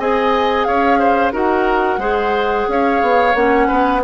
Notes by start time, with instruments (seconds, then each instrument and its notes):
0.00 bassoon C4, clarinet G#4, oboe D#5, flute G#5
0.65 bassoon C#4, oboe C#5, flute F5
0.99 oboe C5
1.33 bassoon D#4, clarinet F#4, oboe A#4, flute F#5
1.98 bassoon G#3, clarinet G#4, oboe C5
2.69 bassoon C#4, oboe C#5, flute F5
3.02 bassoon B3
3.35 bassoon A#3, clarinet C#4, flute F#5
3.68 bassoon B3, oboe B4